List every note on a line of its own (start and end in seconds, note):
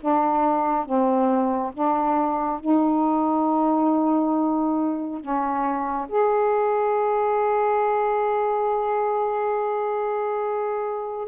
0.00 0.85 D4
0.85 1.72 C4
1.73 2.60 D4
2.60 5.20 D#4
5.20 6.07 C#4
6.08 11.28 G#4